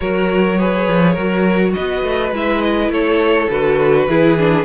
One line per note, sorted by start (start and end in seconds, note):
0.00 0.87 F#3
0.00 0.58 F#4
0.00 0.58 A#4
0.00 1.73 C#5
0.58 1.17 G#4
0.58 1.12 B4
0.87 1.16 F3
1.12 1.75 F#3
1.12 2.34 F#4
1.12 1.71 A#4
1.73 2.03 B3
1.73 2.91 B4
1.73 2.31 D#5
2.03 2.31 A3
2.31 2.89 G#3
2.31 3.50 E4
2.31 2.61 E5
2.61 2.90 D#5
2.89 3.47 A3
2.89 4.08 A4
2.89 3.49 C#5
3.49 4.07 D3
3.49 4.08 F#4
3.49 4.64 B4
4.07 4.64 E3
4.07 4.37 E4
4.07 4.64 G#4
4.38 4.64 D4